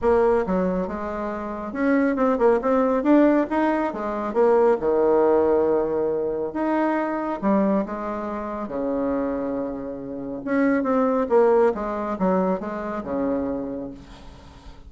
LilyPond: \new Staff \with { instrumentName = "bassoon" } { \time 4/4 \tempo 4 = 138 ais4 fis4 gis2 | cis'4 c'8 ais8 c'4 d'4 | dis'4 gis4 ais4 dis4~ | dis2. dis'4~ |
dis'4 g4 gis2 | cis1 | cis'4 c'4 ais4 gis4 | fis4 gis4 cis2 | }